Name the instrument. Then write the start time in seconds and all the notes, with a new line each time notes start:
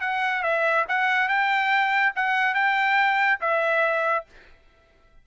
trumpet
0.00 F#5
0.42 E5
0.88 F#5
1.28 G5
2.15 F#5
2.54 G5
3.40 E5